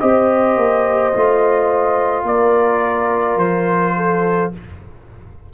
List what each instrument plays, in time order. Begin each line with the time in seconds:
0.00 tuba C4, trombone G4, horn C5, trumpet D#5
0.57 tuba A#3
1.14 tuba A3, trombone F4
2.24 tuba A#3, horn A#4, trumpet D5
3.37 tuba F3, trumpet C5
3.97 horn A4